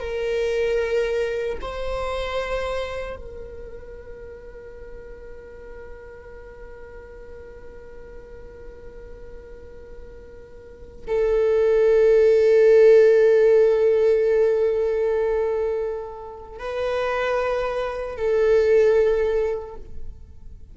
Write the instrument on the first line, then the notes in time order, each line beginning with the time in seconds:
viola
0.00 A#4
1.61 C5
3.16 A#4
11.07 A4
16.59 B4
18.17 A4